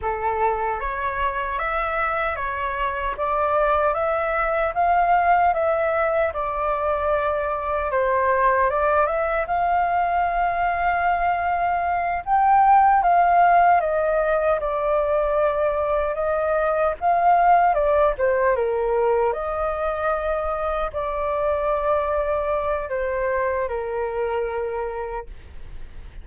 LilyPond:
\new Staff \with { instrumentName = "flute" } { \time 4/4 \tempo 4 = 76 a'4 cis''4 e''4 cis''4 | d''4 e''4 f''4 e''4 | d''2 c''4 d''8 e''8 | f''2.~ f''8 g''8~ |
g''8 f''4 dis''4 d''4.~ | d''8 dis''4 f''4 d''8 c''8 ais'8~ | ais'8 dis''2 d''4.~ | d''4 c''4 ais'2 | }